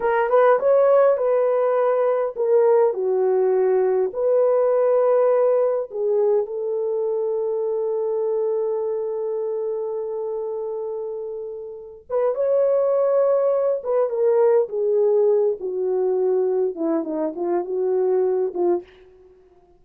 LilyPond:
\new Staff \with { instrumentName = "horn" } { \time 4/4 \tempo 4 = 102 ais'8 b'8 cis''4 b'2 | ais'4 fis'2 b'4~ | b'2 gis'4 a'4~ | a'1~ |
a'1~ | a'8 b'8 cis''2~ cis''8 b'8 | ais'4 gis'4. fis'4.~ | fis'8 e'8 dis'8 f'8 fis'4. f'8 | }